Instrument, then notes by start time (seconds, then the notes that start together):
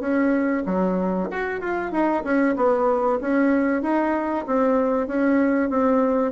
bassoon
0.00 C#4
0.66 F#3
1.31 F#4
1.60 F4
1.92 D#4
2.24 C#4
2.56 B3
3.21 C#4
3.82 D#4
4.46 C4
5.07 C#4
5.70 C4